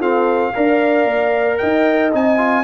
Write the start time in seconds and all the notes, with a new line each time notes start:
0.00 C4 F4 A4 F5
0.55 D4 A#4 D5
1.05 A#3
1.58 D#4 D#5 G5
2.13 C4 D#4 G#5
2.38 F4